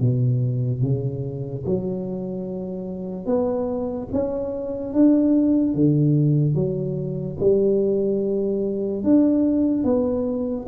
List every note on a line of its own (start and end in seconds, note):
0.00 0.82 B2
0.82 1.64 C#3
1.66 3.26 F#3
3.26 4.08 B3
4.12 4.93 C#4
4.93 5.74 D4
5.74 6.55 D3
6.55 7.37 F#3
7.40 9.04 G3
9.04 9.84 D4
9.84 10.66 B3